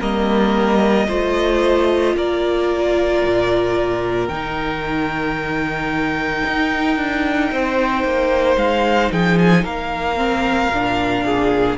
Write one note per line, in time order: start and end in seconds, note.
0.00 1.08 G3
0.00 1.08 A#3
0.00 1.07 A#4
0.00 2.17 D#5
1.09 2.15 A3
1.09 4.31 F4
1.09 2.16 C5
2.15 3.23 A#3
2.15 7.52 A#4
2.15 4.28 D5
3.24 4.29 A#2
4.28 6.44 D#3
4.28 10.17 D#4
4.28 8.57 G5
6.47 6.97 D#4
6.97 7.51 D4
7.52 8.04 C4
7.52 9.13 C5
8.04 8.57 A#3
8.57 9.10 G#3
8.57 9.12 F5
9.12 9.65 F3
9.12 9.64 G#4
9.12 9.39 G5
9.39 9.66 G#5
9.64 10.69 A#3
9.64 11.25 A#4
9.64 11.78 F5
10.17 10.71 C4
10.69 11.76 A#2
10.69 11.78 D4
11.26 11.78 G#4